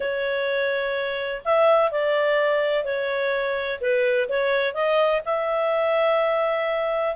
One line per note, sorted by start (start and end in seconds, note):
0.00 1.42 C#5
1.44 1.91 E5
1.91 2.84 D5
2.84 3.79 C#5
3.80 4.28 B4
4.29 4.74 C#5
4.74 5.21 D#5
5.25 7.15 E5